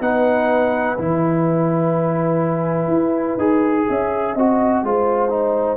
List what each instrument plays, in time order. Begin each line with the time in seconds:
0.00 tuba B3, trombone D#4, horn B4, trumpet F#5
0.98 tuba E3, trombone E4, trumpet G#5
2.87 tuba E4
3.37 tuba D#4, trombone G#4
3.88 tuba C#4, horn E5
4.34 tuba C4, trombone F#4, horn D#5
4.83 tuba G#3, trombone F4, horn C5
5.29 trombone D#4